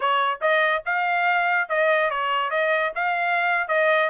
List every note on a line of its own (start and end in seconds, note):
0.00 0.39 C#5
0.41 0.83 D#5
0.85 1.69 F5
1.69 2.10 D#5
2.10 2.50 C#5
2.50 2.92 D#5
2.95 3.68 F5
3.68 4.09 D#5